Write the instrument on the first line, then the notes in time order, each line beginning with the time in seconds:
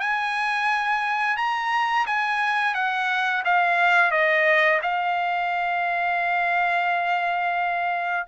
trumpet
0.00 G#5
1.37 A#5
2.06 G#5
2.74 F#5
3.45 F5
4.11 D#5
4.82 F5